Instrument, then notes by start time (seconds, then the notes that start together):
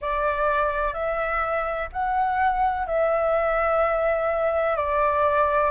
flute
0.01 D5
0.93 E5
1.92 F#5
2.86 E5
4.76 D5